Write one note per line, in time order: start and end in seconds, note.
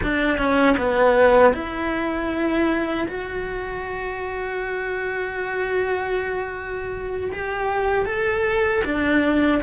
0.02 0.38 D4
0.38 0.76 C#4
0.77 1.53 B3
1.53 3.07 E4
3.08 7.31 F#4
7.32 8.05 G4
8.05 8.82 A4
8.84 9.61 D4